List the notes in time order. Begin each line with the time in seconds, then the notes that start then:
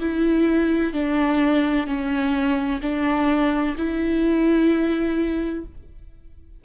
0.00 E4
0.93 D4
1.87 C#4
2.82 D4
3.77 E4